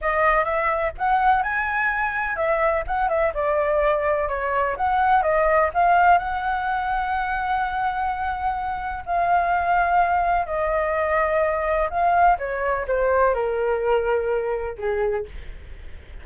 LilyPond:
\new Staff \with { instrumentName = "flute" } { \time 4/4 \tempo 4 = 126 dis''4 e''4 fis''4 gis''4~ | gis''4 e''4 fis''8 e''8 d''4~ | d''4 cis''4 fis''4 dis''4 | f''4 fis''2.~ |
fis''2. f''4~ | f''2 dis''2~ | dis''4 f''4 cis''4 c''4 | ais'2. gis'4 | }